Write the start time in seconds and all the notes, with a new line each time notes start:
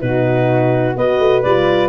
0.00 B2 D#4 F#4 B4
0.96 B3 F#4 B4 D#5
1.19 A3
1.42 G3 F4 D5